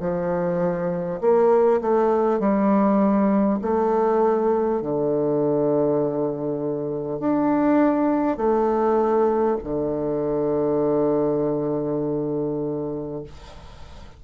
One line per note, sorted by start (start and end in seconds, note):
0.00 1.20 F3
1.21 1.81 A#3
1.81 2.39 A3
2.39 3.59 G3
3.61 4.81 A3
4.81 7.19 D3
7.19 8.37 D4
8.37 9.57 A3
9.63 13.23 D3